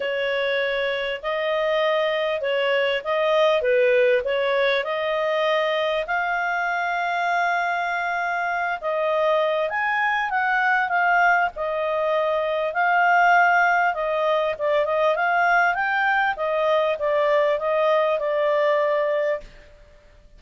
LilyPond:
\new Staff \with { instrumentName = "clarinet" } { \time 4/4 \tempo 4 = 99 cis''2 dis''2 | cis''4 dis''4 b'4 cis''4 | dis''2 f''2~ | f''2~ f''8 dis''4. |
gis''4 fis''4 f''4 dis''4~ | dis''4 f''2 dis''4 | d''8 dis''8 f''4 g''4 dis''4 | d''4 dis''4 d''2 | }